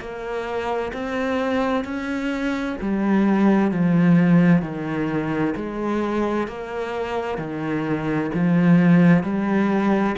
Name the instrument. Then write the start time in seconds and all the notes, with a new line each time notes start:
cello
0.00 A#3
0.93 C4
1.84 C#4
2.81 G3
3.71 F3
4.62 D#3
5.56 G#3
6.47 A#3
7.38 D#3
8.34 F3
9.23 G3